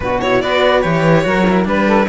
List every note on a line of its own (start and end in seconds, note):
0.00 0.42 B2
0.00 0.21 D4
0.00 0.42 F#4
0.00 0.20 B4
0.20 0.43 E4
0.20 0.41 C#5
0.41 0.84 B3
0.41 0.82 F#4
0.41 1.25 B4
0.41 0.81 D5
0.81 1.25 E3
0.81 1.24 G4
0.81 1.64 C#5
1.24 1.66 F#3
1.24 1.45 F#4
1.24 1.67 A#4
1.50 1.65 E4
1.65 2.07 G3
1.65 2.06 D4
1.65 1.86 B4
1.65 2.08 B4
1.86 2.07 A4